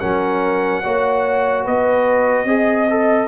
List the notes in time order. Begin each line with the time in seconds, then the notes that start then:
0.00 F#3 C#4 A#4 F#5
0.83 A#3 F#4 C#5
1.65 B3 B4 D#5
2.45 C4 G#4 D#5
2.90 A4